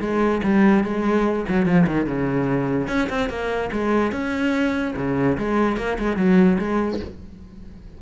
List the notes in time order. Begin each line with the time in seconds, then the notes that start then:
0.00 G#3
0.43 G3
0.84 G#3
1.48 F#3
1.65 F3
1.86 D#3
2.06 C#3
2.87 C#4
3.09 C4
3.29 A#3
3.72 G#3
4.12 C#4
4.96 C#3
5.38 G#3
5.77 A#3
5.99 G#3
6.16 F#3
6.58 G#3